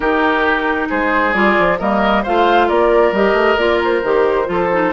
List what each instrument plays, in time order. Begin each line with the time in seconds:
0.00 bassoon D#3, clarinet D#4, oboe G4, flute A#4
0.89 bassoon G#3, oboe G#4, flute C5
1.33 bassoon G3, clarinet F4, flute D5
1.58 bassoon F3
1.78 bassoon G3, clarinet A#3, oboe A#4, flute D#5
2.23 bassoon A3, clarinet F4, oboe C5, flute F5
2.67 bassoon A#3, oboe A#4, flute D5
3.12 bassoon G3, clarinet G4, flute D#5
3.33 bassoon A3
3.57 bassoon A#3, clarinet F4, flute D5
3.84 flute C5
4.03 bassoon D#3, clarinet G4
4.45 bassoon F3, clarinet F4, oboe A4
4.72 clarinet D#4